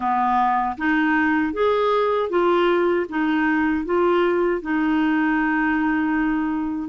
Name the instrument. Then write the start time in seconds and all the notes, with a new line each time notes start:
clarinet
0.00 B3
0.77 D#4
1.53 G#4
2.29 F4
3.09 D#4
3.85 F4
4.61 D#4